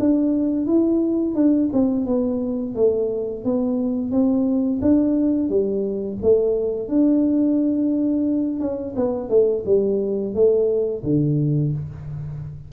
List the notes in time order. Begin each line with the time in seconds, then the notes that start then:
0.00 D4
0.67 E4
1.35 D4
1.73 C4
2.07 B3
2.76 A3
3.45 B3
4.12 C4
4.82 D4
5.50 G3
6.22 A3
6.89 D4
8.61 C#4
8.97 B3
9.30 A3
9.66 G3
10.35 A3
11.04 D3